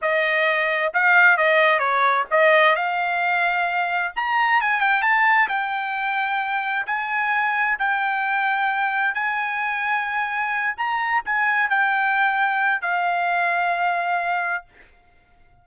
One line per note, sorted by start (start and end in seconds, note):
0.01 0.93 D#5
0.93 1.37 F5
1.37 1.79 D#5
1.79 2.24 C#5
2.30 2.75 D#5
2.75 4.13 F5
4.16 4.61 A#5
4.61 4.80 G#5
4.80 5.02 G5
5.02 5.47 A5
5.48 6.86 G5
6.86 7.78 G#5
7.78 9.14 G5
9.14 10.74 G#5
10.77 11.23 A#5
11.25 11.69 G#5
11.69 12.81 G5
12.81 14.65 F5